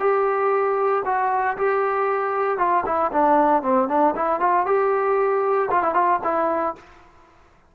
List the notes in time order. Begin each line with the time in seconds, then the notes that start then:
0.00 G4
1.06 F#4
1.58 G4
2.59 F4
2.86 E4
3.12 D4
3.63 C4
3.89 D4
4.16 E4
4.41 F4
4.66 G4
5.71 F4
5.84 E4
5.94 F4
6.24 E4